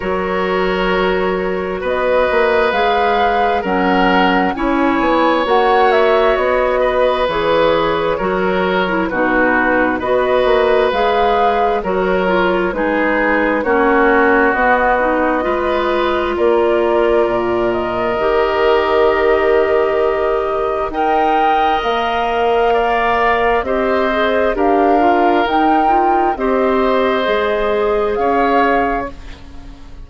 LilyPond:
<<
  \new Staff \with { instrumentName = "flute" } { \time 4/4 \tempo 4 = 66 cis''2 dis''4 f''4 | fis''4 gis''4 fis''8 e''8 dis''4 | cis''2 b'4 dis''4 | f''4 cis''4 b'4 cis''4 |
dis''2 d''4. dis''8~ | dis''2. g''4 | f''2 dis''4 f''4 | g''4 dis''2 f''4 | }
  \new Staff \with { instrumentName = "oboe" } { \time 4/4 ais'2 b'2 | ais'4 cis''2~ cis''8 b'8~ | b'4 ais'4 fis'4 b'4~ | b'4 ais'4 gis'4 fis'4~ |
fis'4 b'4 ais'2~ | ais'2. dis''4~ | dis''4 d''4 c''4 ais'4~ | ais'4 c''2 cis''4 | }
  \new Staff \with { instrumentName = "clarinet" } { \time 4/4 fis'2. gis'4 | cis'4 e'4 fis'2 | gis'4 fis'8. e'16 dis'4 fis'4 | gis'4 fis'8 f'8 dis'4 cis'4 |
b8 dis'8 f'2. | g'2. ais'4~ | ais'2 g'8 gis'8 g'8 f'8 | dis'8 f'8 g'4 gis'2 | }
  \new Staff \with { instrumentName = "bassoon" } { \time 4/4 fis2 b8 ais8 gis4 | fis4 cis'8 b8 ais4 b4 | e4 fis4 b,4 b8 ais8 | gis4 fis4 gis4 ais4 |
b4 gis4 ais4 ais,4 | dis2. dis'4 | ais2 c'4 d'4 | dis'4 c'4 gis4 cis'4 | }
>>